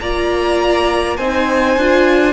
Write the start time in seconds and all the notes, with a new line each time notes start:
0.00 A#3 F4 D5 A#5
1.16 C4 D#4 C5 G#5
1.77 D4 F4